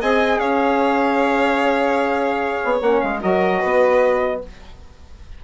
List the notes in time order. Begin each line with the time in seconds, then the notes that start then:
0.00 C4 G#4 D#5 G#5
0.39 C#4 C#5 F5
2.64 B3
2.80 A#3 C#4 F#5
3.00 G#3 F5
3.20 F#3 F#4 A#4 D#5
3.58 B3 B4